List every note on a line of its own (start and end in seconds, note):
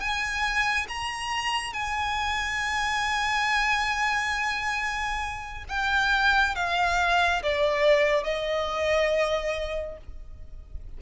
0.00 0.87 G#5
0.89 1.73 A#5
1.73 5.64 G#5
5.69 6.56 G5
6.56 7.43 F5
7.43 8.24 D5
8.24 9.98 D#5